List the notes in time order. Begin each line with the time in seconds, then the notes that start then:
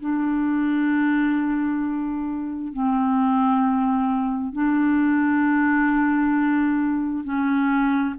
0.00 D4
2.73 C4
4.53 D4
7.24 C#4